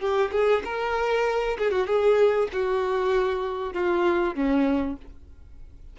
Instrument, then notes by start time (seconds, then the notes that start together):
violin
0.00 G4
0.31 G#4
0.64 A#4
1.58 G#4
1.71 F#4
1.86 G#4
2.52 F#4
3.73 F4
4.35 C#4